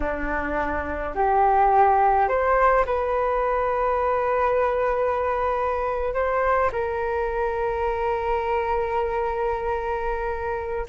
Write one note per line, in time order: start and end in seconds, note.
0.00 1.14 D4
1.15 2.28 G4
2.28 2.85 C5
2.85 6.14 B4
6.14 6.71 C5
6.72 10.86 A#4